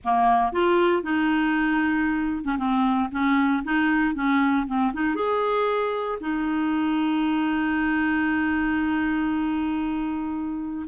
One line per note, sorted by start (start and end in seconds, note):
0.04 0.52 A#3
0.52 1.03 F4
1.03 2.44 D#4
2.44 2.57 C#4
2.57 3.09 C4
3.11 3.63 C#4
3.64 4.14 D#4
4.14 4.66 C#4
4.66 4.92 C4
4.93 5.15 D#4
5.15 6.18 G#4
6.20 10.86 D#4